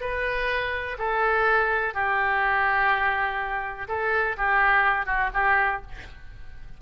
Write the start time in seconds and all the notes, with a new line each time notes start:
0.00 B4
0.98 A4
1.94 G4
3.88 A4
4.37 G4
5.06 F#4
5.33 G4